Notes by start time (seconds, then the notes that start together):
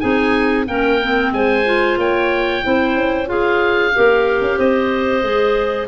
0.00 C4 D#4 G#4 G#5
0.67 A#3 C#4 A#4 G5
1.02 C4
1.32 G#3 C5 G#5
1.65 F4
1.98 A#3 C#5 G5
2.63 C4 E4 C5
2.95 C#4
3.26 F4 G#4 F5
3.94 A#3 G4 A#4
4.41 C#4
4.57 C4 C5 D#5
5.22 G#3 G#4